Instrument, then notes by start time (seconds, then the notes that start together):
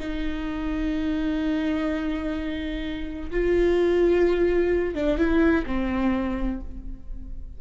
viola
0.00 D#4
3.31 F4
4.95 D4
5.18 E4
5.66 C4